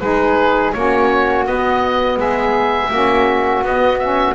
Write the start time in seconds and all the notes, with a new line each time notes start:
0.00 G#3 D#4 G#4 B4
0.72 A#3 C#4 F#4 C#5
1.45 B3 D#5
2.17 G#3 G#4 E5
2.90 A#3 C#4 F#4
3.62 B3 D#5
3.98 C#4 E5